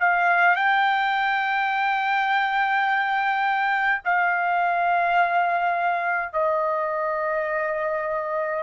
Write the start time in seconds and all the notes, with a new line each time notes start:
0.00 F5
0.56 G5
4.05 F5
6.33 D#5